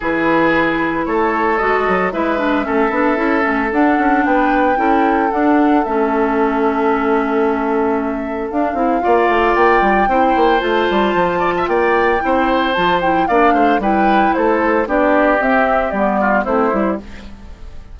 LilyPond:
<<
  \new Staff \with { instrumentName = "flute" } { \time 4/4 \tempo 4 = 113 b'2 cis''4 dis''4 | e''2. fis''4 | g''2 fis''4 e''4~ | e''1 |
f''2 g''2 | a''2 g''2 | a''8 g''8 f''4 g''4 c''4 | d''4 e''4 d''4 c''4 | }
  \new Staff \with { instrumentName = "oboe" } { \time 4/4 gis'2 a'2 | b'4 a'2. | b'4 a'2.~ | a'1~ |
a'4 d''2 c''4~ | c''4. d''16 e''16 d''4 c''4~ | c''4 d''8 c''8 b'4 a'4 | g'2~ g'8 f'8 e'4 | }
  \new Staff \with { instrumentName = "clarinet" } { \time 4/4 e'2. fis'4 | e'8 d'8 cis'8 d'8 e'8 cis'8 d'4~ | d'4 e'4 d'4 cis'4~ | cis'1 |
d'8 e'8 f'2 e'4 | f'2. e'4 | f'8 e'8 d'4 e'2 | d'4 c'4 b4 c'8 e'8 | }
  \new Staff \with { instrumentName = "bassoon" } { \time 4/4 e2 a4 gis8 fis8 | gis4 a8 b8 cis'8 a8 d'8 cis'8 | b4 cis'4 d'4 a4~ | a1 |
d'8 c'8 ais8 a8 ais8 g8 c'8 ais8 | a8 g8 f4 ais4 c'4 | f4 ais8 a8 g4 a4 | b4 c'4 g4 a8 g8 | }
>>